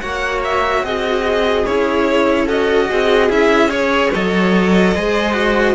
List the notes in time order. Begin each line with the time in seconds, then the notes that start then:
0.00 A#3 F#4 C#5 F#5
0.44 E5
0.84 C4 G#4 D#5
1.66 C#4 E4 C#5
2.46 F#4 A4 D#5
2.90 C4 G#4
3.29 C#4 E4 E5
3.69 G#4 C#5
4.13 F#3 A4 D#5
4.95 G#3 G#4 C5
5.33 F#4